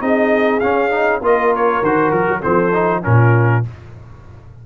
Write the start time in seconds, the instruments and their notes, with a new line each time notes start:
0.00 tuba C4, trombone D#4, horn G#4, trumpet D#5
0.60 trombone C#4, tuba C#4, trumpet F5
0.90 trombone D#4
1.21 tuba A#3, trombone F4, horn A#4, trumpet D#5
1.56 trumpet C#5
1.82 tuba D#3, trombone F#4, trumpet C5
2.11 tuba F3, trumpet A#4
2.29 tuba F#3
2.40 tuba F3, trombone C4, horn A4, trumpet C5
2.73 trombone D#4
3.03 tuba A#2, trombone C#4, horn F4, trumpet A#4